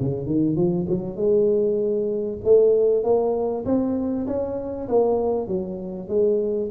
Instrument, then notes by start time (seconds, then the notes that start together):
tuba
0.00 C#3
0.26 D#3
0.56 F3
0.89 F#3
1.16 G#3
2.44 A3
3.04 A#3
3.65 C4
4.27 C#4
4.88 A#3
5.47 F#3
6.08 G#3